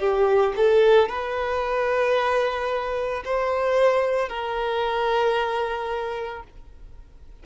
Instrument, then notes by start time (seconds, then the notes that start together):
violin
0.00 G4
0.57 A4
1.09 B4
3.25 C5
4.29 A#4